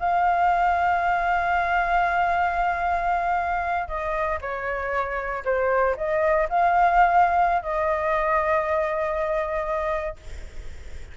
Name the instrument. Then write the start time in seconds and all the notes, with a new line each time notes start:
flute
0.00 F5
3.88 D#5
4.42 C#5
5.45 C5
5.97 D#5
6.49 F5
7.63 D#5